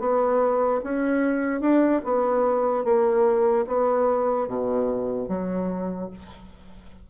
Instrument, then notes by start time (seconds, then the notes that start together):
bassoon
0.00 B3
0.84 C#4
1.61 D4
2.05 B3
2.85 A#3
3.67 B3
4.48 B2
5.29 F#3